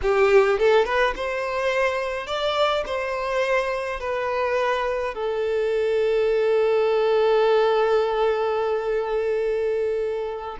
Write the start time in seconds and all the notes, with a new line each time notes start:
0.02 G4
0.58 A4
0.85 B4
1.15 C5
2.26 D5
2.86 C5
3.99 B4
5.14 A4